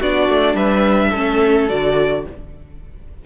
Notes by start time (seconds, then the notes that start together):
0.00 B3 D4 F#4 D5
0.29 A3
0.54 G3 B4 E5
1.10 A3 C#4 A4
1.69 D3 F#4 D5